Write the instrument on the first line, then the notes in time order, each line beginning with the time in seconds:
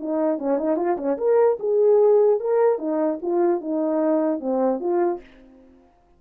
horn
0.00 D#4
0.39 C#4
0.58 D#4
0.77 F4
0.98 C#4
1.18 A#4
1.60 G#4
2.40 A#4
2.79 D#4
3.22 F4
3.61 D#4
4.40 C4
4.80 F4